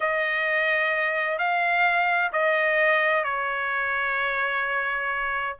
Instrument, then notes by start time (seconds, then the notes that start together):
trumpet
0.00 D#5
1.38 F5
2.32 D#5
3.24 C#5